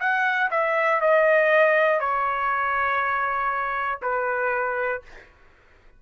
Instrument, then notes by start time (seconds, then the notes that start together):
trumpet
0.00 F#5
0.51 E5
1.01 D#5
2.00 C#5
4.02 B4